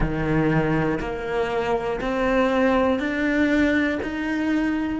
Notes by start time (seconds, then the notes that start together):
0.00 D#3
1.00 A#3
2.00 C4
2.99 D4
4.03 D#4